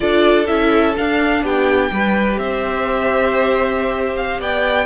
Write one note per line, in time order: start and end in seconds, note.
0.00 0.49 D4
0.00 0.46 F4
0.00 1.43 A4
0.00 0.44 D5
0.46 0.96 C#4
0.46 0.95 E4
0.46 0.94 E5
0.96 1.89 D4
0.96 1.42 D4
0.96 1.44 F5
1.42 1.90 B3
1.42 1.90 G4
1.42 2.38 G5
1.89 2.38 G3
1.89 4.85 G4
1.89 2.40 B4
2.38 4.39 C4
2.38 4.40 C5
2.38 4.16 E5
4.16 4.40 F5
4.39 4.85 B3
4.39 4.85 D5
4.39 4.85 G5